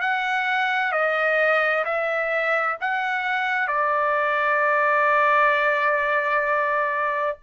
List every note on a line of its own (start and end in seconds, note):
0.00 0.92 F#5
0.92 1.84 D#5
1.84 2.77 E5
2.80 3.68 F#5
3.68 7.37 D5